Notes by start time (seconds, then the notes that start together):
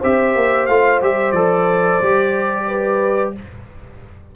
0.00 C4 G4 C5 E5
0.36 A#3
0.67 A3 F4 F5
1.02 G3 G4 E5
1.32 F3 A4 D5
2.02 G3 G4
2.68 B4